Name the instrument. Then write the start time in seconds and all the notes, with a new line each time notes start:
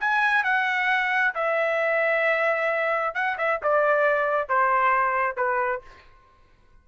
trumpet
0.00 G#5
0.44 F#5
1.35 E5
3.14 F#5
3.38 E5
3.63 D5
4.48 C5
5.36 B4